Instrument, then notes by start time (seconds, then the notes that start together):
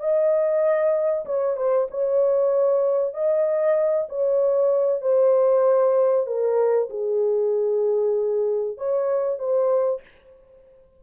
horn
0.00 D#5
1.26 C#5
1.57 C5
1.91 C#5
3.14 D#5
4.09 C#5
5.01 C5
6.27 A#4
6.90 G#4
8.78 C#5
9.39 C5